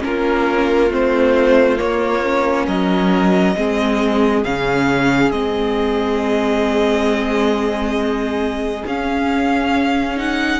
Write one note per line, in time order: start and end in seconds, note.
0.00 0.90 A#3
0.00 0.88 C#4
0.00 2.67 F4
0.00 0.92 A#4
0.90 1.78 A3
0.90 1.77 C4
0.90 1.77 C5
1.77 2.21 A#3
1.77 2.67 A#3
1.77 2.66 C#5
2.23 3.56 C#4
2.67 3.55 F#3
2.67 3.55 A#4
2.67 4.43 D#5
3.56 4.44 G#3
3.56 4.44 C4
3.56 10.60 G#4
4.43 5.31 C#3
4.43 5.32 C#4
4.43 5.31 F5
5.31 8.84 G#3
5.31 8.85 C4
5.31 8.84 D#5
8.86 10.60 C#4
8.86 10.16 C#4
8.86 10.18 F5
10.16 10.60 D#4
10.16 10.60 F#5